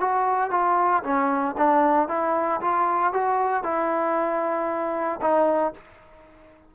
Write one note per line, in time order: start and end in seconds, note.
0.00 0.51 F#4
0.51 1.03 F4
1.03 1.56 C#4
1.57 2.08 D4
2.08 2.60 E4
2.61 3.13 F4
3.13 3.64 F#4
3.64 5.20 E4
5.21 5.73 D#4